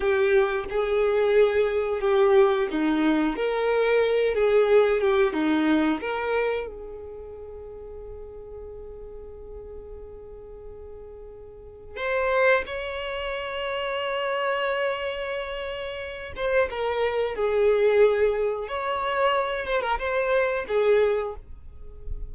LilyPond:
\new Staff \with { instrumentName = "violin" } { \time 4/4 \tempo 4 = 90 g'4 gis'2 g'4 | dis'4 ais'4. gis'4 g'8 | dis'4 ais'4 gis'2~ | gis'1~ |
gis'2 c''4 cis''4~ | cis''1~ | cis''8 c''8 ais'4 gis'2 | cis''4. c''16 ais'16 c''4 gis'4 | }